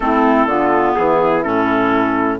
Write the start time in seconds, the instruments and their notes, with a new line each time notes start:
0.00 bassoon A3, clarinet C4, horn E4, trumpet A4
0.46 bassoon D3, clarinet B3, horn F4
0.95 bassoon E3, horn E4, trumpet G#4
1.43 bassoon A2, clarinet C#4, trumpet A4